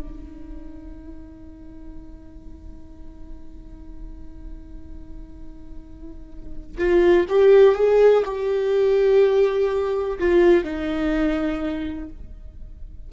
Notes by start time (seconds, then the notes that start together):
0.00 D#4
6.78 F4
7.29 G4
7.76 G#4
8.25 G4
10.19 F4
10.64 D#4